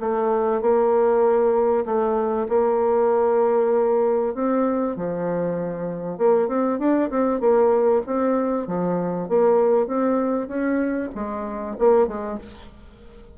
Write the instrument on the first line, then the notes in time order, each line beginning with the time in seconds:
bassoon
0.00 A3
0.62 A#3
1.86 A3
2.49 A#3
4.35 C4
4.97 F3
6.18 A#3
6.48 C4
6.79 D4
7.10 C4
7.41 A#3
8.07 C4
8.67 F3
9.29 A#3
9.87 C4
10.48 C#4
11.15 G#3
11.79 A#3
12.08 G#3